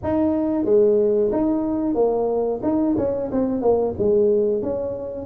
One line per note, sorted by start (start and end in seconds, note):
0.03 0.64 D#4
0.64 1.30 G#3
1.32 1.95 D#4
1.95 2.60 A#3
2.63 2.96 D#4
2.97 3.30 C#4
3.31 3.61 C4
3.61 3.94 A#3
3.98 4.62 G#3
4.62 5.25 C#4